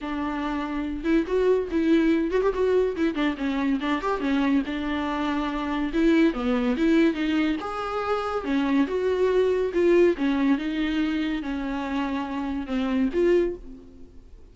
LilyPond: \new Staff \with { instrumentName = "viola" } { \time 4/4 \tempo 4 = 142 d'2~ d'8 e'8 fis'4 | e'4. fis'16 g'16 fis'4 e'8 d'8 | cis'4 d'8 g'8 cis'4 d'4~ | d'2 e'4 b4 |
e'4 dis'4 gis'2 | cis'4 fis'2 f'4 | cis'4 dis'2 cis'4~ | cis'2 c'4 f'4 | }